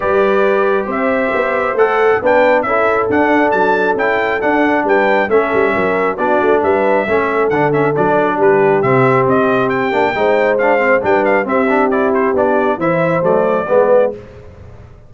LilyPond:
<<
  \new Staff \with { instrumentName = "trumpet" } { \time 4/4 \tempo 4 = 136 d''2 e''2 | fis''4 g''4 e''4 fis''4 | a''4 g''4 fis''4 g''4 | e''2 d''4 e''4~ |
e''4 fis''8 e''8 d''4 b'4 | e''4 dis''4 g''2 | f''4 g''8 f''8 e''4 d''8 c''8 | d''4 e''4 d''2 | }
  \new Staff \with { instrumentName = "horn" } { \time 4/4 b'2 c''2~ | c''4 b'4 a'2~ | a'2. b'4 | a'4 ais'4 fis'4 b'4 |
a'2. g'4~ | g'2. c''4~ | c''4 b'4 g'2~ | g'4 c''2 b'4 | }
  \new Staff \with { instrumentName = "trombone" } { \time 4/4 g'1 | a'4 d'4 e'4 d'4~ | d'4 e'4 d'2 | cis'2 d'2 |
cis'4 d'8 cis'8 d'2 | c'2~ c'8 d'8 dis'4 | d'8 c'8 d'4 c'8 d'8 e'4 | d'4 e'4 a4 b4 | }
  \new Staff \with { instrumentName = "tuba" } { \time 4/4 g2 c'4 b4 | a4 b4 cis'4 d'4 | fis4 cis'4 d'4 g4 | a8 g8 fis4 b8 a8 g4 |
a4 d4 fis4 g4 | c4 c'4. ais8 gis4~ | gis4 g4 c'2 | b4 e4 fis4 gis4 | }
>>